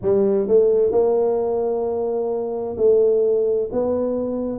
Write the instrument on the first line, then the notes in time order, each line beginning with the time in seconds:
tuba
0.02 G3
0.47 A3
0.91 A#3
2.77 A3
3.72 B3